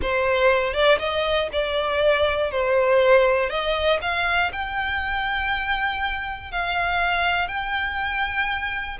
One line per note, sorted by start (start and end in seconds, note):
0.02 0.73 C5
0.73 0.98 D5
0.98 1.48 D#5
1.52 2.51 D5
2.51 3.49 C5
3.49 3.99 D#5
4.01 4.51 F5
4.52 6.51 G5
6.51 7.48 F5
7.48 8.98 G5